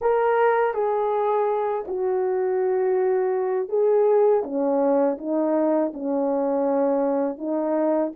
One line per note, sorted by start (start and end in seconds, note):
0.01 0.74 A#4
0.74 1.85 G#4
1.87 3.68 F#4
3.68 4.42 G#4
4.43 5.17 C#4
5.18 5.92 D#4
5.93 7.37 C#4
7.37 8.11 D#4